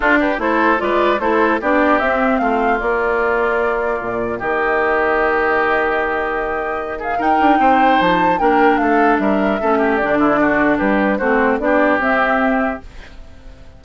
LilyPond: <<
  \new Staff \with { instrumentName = "flute" } { \time 4/4 \tempo 4 = 150 a'8 b'8 c''4 d''4 c''4 | d''4 e''4 f''4 d''4~ | d''2. dis''4~ | dis''1~ |
dis''4. f''8 g''2 | a''4 g''4 f''4 e''4~ | e''4 d''2 b'4 | c''4 d''4 e''2 | }
  \new Staff \with { instrumentName = "oboe" } { \time 4/4 f'8 g'8 a'4 b'4 a'4 | g'2 f'2~ | f'2. g'4~ | g'1~ |
g'4. gis'8 ais'4 c''4~ | c''4 ais'4 a'4 ais'4 | a'8 g'4 e'8 fis'4 g'4 | fis'4 g'2. | }
  \new Staff \with { instrumentName = "clarinet" } { \time 4/4 d'4 e'4 f'4 e'4 | d'4 c'2 ais4~ | ais1~ | ais1~ |
ais2 dis'2~ | dis'4 d'2. | cis'4 d'2. | c'4 d'4 c'2 | }
  \new Staff \with { instrumentName = "bassoon" } { \time 4/4 d'4 a4 gis4 a4 | b4 c'4 a4 ais4~ | ais2 ais,4 dis4~ | dis1~ |
dis2 dis'8 d'8 c'4 | f4 ais4 a4 g4 | a4 d2 g4 | a4 b4 c'2 | }
>>